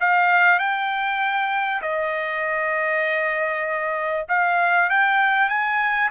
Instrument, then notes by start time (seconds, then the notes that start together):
trumpet
0.00 F5
0.59 G5
1.81 D#5
4.28 F5
4.89 G5
5.49 G#5